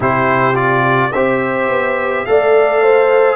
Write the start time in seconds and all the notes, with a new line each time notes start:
0.00 C3 E4 G4 C5
0.54 F4 D5
1.12 C4 G4 C5 E5
1.68 B3
2.25 A3 A4 D5 F5
2.83 C5